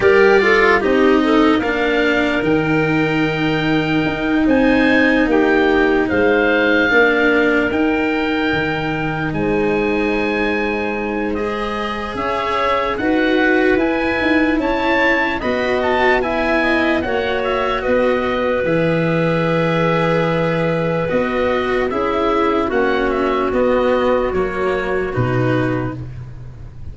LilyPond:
<<
  \new Staff \with { instrumentName = "oboe" } { \time 4/4 \tempo 4 = 74 d''4 dis''4 f''4 g''4~ | g''4. gis''4 g''4 f''8~ | f''4. g''2 gis''8~ | gis''2 dis''4 e''4 |
fis''4 gis''4 a''4 b''8 a''8 | gis''4 fis''8 e''8 dis''4 e''4~ | e''2 dis''4 e''4 | fis''8 e''8 dis''4 cis''4 b'4 | }
  \new Staff \with { instrumentName = "clarinet" } { \time 4/4 ais'8 a'8 g'8 a'8 ais'2~ | ais'4. c''4 g'4 c''8~ | c''8 ais'2. c''8~ | c''2. cis''4 |
b'2 cis''4 dis''4 | e''8 dis''8 cis''4 b'2~ | b'2. gis'4 | fis'1 | }
  \new Staff \with { instrumentName = "cello" } { \time 4/4 g'8 f'8 dis'4 d'4 dis'4~ | dis'1~ | dis'8 d'4 dis'2~ dis'8~ | dis'2 gis'2 |
fis'4 e'2 fis'4 | e'4 fis'2 gis'4~ | gis'2 fis'4 e'4 | cis'4 b4 ais4 dis'4 | }
  \new Staff \with { instrumentName = "tuba" } { \time 4/4 g4 c'4 ais4 dis4~ | dis4 dis'8 c'4 ais4 gis8~ | gis8 ais4 dis'4 dis4 gis8~ | gis2. cis'4 |
dis'4 e'8 dis'8 cis'4 b4~ | b4 ais4 b4 e4~ | e2 b4 cis'4 | ais4 b4 fis4 b,4 | }
>>